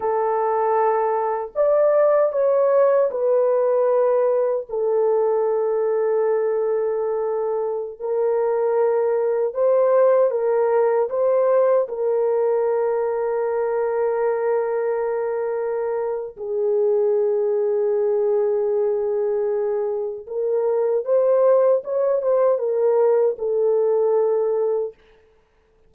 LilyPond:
\new Staff \with { instrumentName = "horn" } { \time 4/4 \tempo 4 = 77 a'2 d''4 cis''4 | b'2 a'2~ | a'2~ a'16 ais'4.~ ais'16~ | ais'16 c''4 ais'4 c''4 ais'8.~ |
ais'1~ | ais'4 gis'2.~ | gis'2 ais'4 c''4 | cis''8 c''8 ais'4 a'2 | }